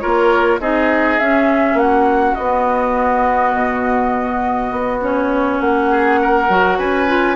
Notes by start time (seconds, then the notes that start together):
0.00 A#3 F4 A#4 C#5
0.60 C4 D#4 G#4 D#5
1.20 C#4 E5
1.74 A#3 F#4 F#5
2.35 B3 D#5
3.54 B2
4.72 B3
5.01 C#4 C#5
5.61 A#3 F#5
5.90 G#4
6.22 A#4
6.49 F#3 F#4
6.78 C#4 B4 G#5
7.07 F4